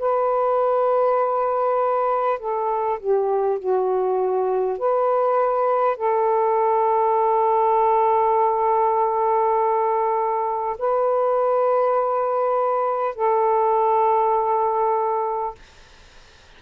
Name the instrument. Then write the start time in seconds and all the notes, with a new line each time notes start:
saxophone
0.00 B4
2.39 A4
3.00 G4
3.59 F#4
4.79 B4
5.97 A4
10.79 B4
13.16 A4